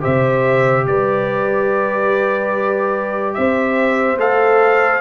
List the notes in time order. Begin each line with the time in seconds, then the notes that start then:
0.00 C3 G4 C5 E5
0.86 G3 B4 D5
3.34 C4 C5 E5
4.17 A3 A4 F5